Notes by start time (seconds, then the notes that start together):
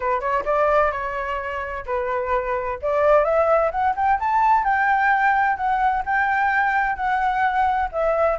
0.00 B4
0.20 C#5
0.45 D5
0.91 C#5
1.86 B4
2.82 D5
3.24 E5
3.71 F#5
3.96 G5
4.19 A5
4.64 G5
5.56 F#5
6.05 G5
6.96 F#5
7.92 E5